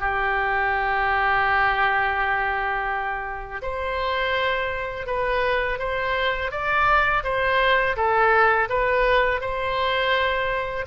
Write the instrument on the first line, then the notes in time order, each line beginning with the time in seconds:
oboe
0.00 G4
3.62 C5
5.06 B4
5.79 C5
6.51 D5
7.24 C5
7.96 A4
8.69 B4
9.41 C5